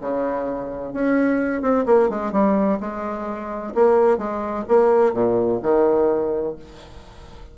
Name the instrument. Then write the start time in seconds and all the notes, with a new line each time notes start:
bassoon
0.00 C#3
0.93 C#4
1.61 C4
1.85 A#3
2.09 G#3
2.32 G3
2.80 G#3
3.74 A#3
4.17 G#3
4.68 A#3
5.13 A#2
5.62 D#3